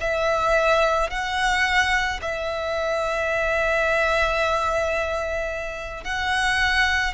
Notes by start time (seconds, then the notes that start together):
0.00 E5
1.10 F#5
2.21 E5
6.04 F#5